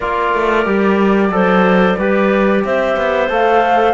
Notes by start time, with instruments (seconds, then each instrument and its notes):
0.00 cello A#3, trombone F4, clarinet A#4, flute D5
0.34 cello A3
0.65 cello G3, trombone G4
1.29 cello F#3, trombone A4, clarinet C5
1.98 cello G3, trombone G4, clarinet B4
2.64 cello C4, clarinet C5, flute E5
2.96 cello B3
3.29 cello A3, trombone A4, flute F5